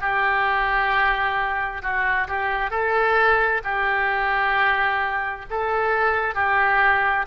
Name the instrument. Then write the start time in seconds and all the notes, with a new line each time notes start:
oboe
0.00 G4
1.82 F#4
2.27 G4
2.70 A4
3.64 G4
5.50 A4
6.34 G4